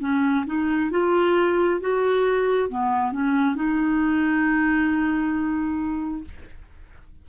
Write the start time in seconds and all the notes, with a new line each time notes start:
0.00 C#4
0.46 D#4
0.91 F4
1.80 F#4
2.69 B3
3.12 C#4
3.55 D#4